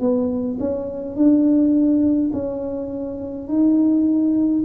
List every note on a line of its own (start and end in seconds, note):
0.00 0.58 B3
0.59 1.15 C#4
1.15 2.31 D4
2.33 3.48 C#4
3.48 4.64 D#4